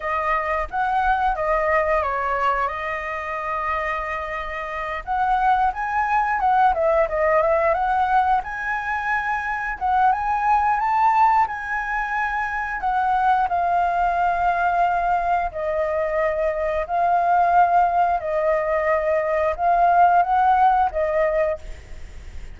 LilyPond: \new Staff \with { instrumentName = "flute" } { \time 4/4 \tempo 4 = 89 dis''4 fis''4 dis''4 cis''4 | dis''2.~ dis''8 fis''8~ | fis''8 gis''4 fis''8 e''8 dis''8 e''8 fis''8~ | fis''8 gis''2 fis''8 gis''4 |
a''4 gis''2 fis''4 | f''2. dis''4~ | dis''4 f''2 dis''4~ | dis''4 f''4 fis''4 dis''4 | }